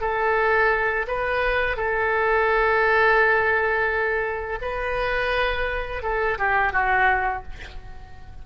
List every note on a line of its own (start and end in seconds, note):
0.00 1.06 A4
1.07 1.76 B4
1.76 4.59 A4
4.61 6.02 B4
6.02 6.38 A4
6.38 6.72 G4
6.72 7.43 F#4